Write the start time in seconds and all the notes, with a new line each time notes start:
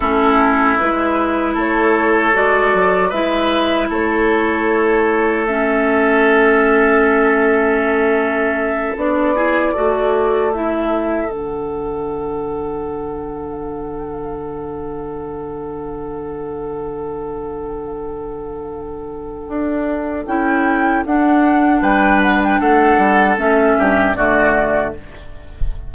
0.00 A3 C#4 E4 A4
0.78 G#3 E4 B4
1.54 A3 A4 C#5
2.33 G#3 F#4 D5
2.73 F#3
3.09 G#3 E4 B4 E5
3.89 A3 A4 C#5
5.45 C#4 E5
8.96 B3 D4 D5
9.35 E4 G#4
9.72 A3 F#4 A4
10.53 E4 E5
11.27 D3 D4 F#5
19.47 D4
20.26 C#4 E4 G5
21.05 D4 F#5
21.81 G3 B4 G5
22.22 F#5
22.43 G5
22.60 A3 A4 F#5
22.97 G3
23.37 A3 C#4 E5
23.78 G2 G4
24.15 D3 A3 F#4 D5